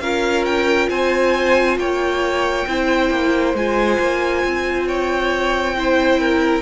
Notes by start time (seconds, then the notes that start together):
0.00 C#4 F4 A#4 F5
0.45 G5
0.89 C4 C5 G#5
1.77 A#3 C#5 G5
2.67 C4 E4 C5
3.10 A#3
3.54 G#3 F4 G#5
3.99 A#3
4.44 C4
4.87 C#5 G5
5.77 E4 C5
6.20 A#4